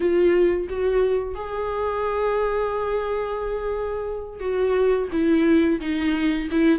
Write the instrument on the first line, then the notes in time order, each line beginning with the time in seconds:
viola
0.00 F4
0.69 F#4
1.35 G#4
4.40 F#4
5.11 E4
5.80 D#4
6.51 E4